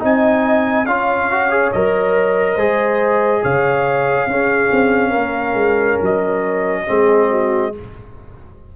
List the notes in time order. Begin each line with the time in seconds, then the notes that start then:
0.00 C4 D#4 D#5 G#5
0.86 C#4 F4 C#5 F5
1.31 F#4
1.51 G#4
1.73 F#3 A#4 D#5
2.55 G#3 G#4 C5
3.43 C#3 C#5 F5
4.27 C#4 G#4
4.72 C4
5.11 A#3 A#4
5.54 G#3
6.02 F#3 D#5
6.87 G#3 C4 G#4
7.31 F#4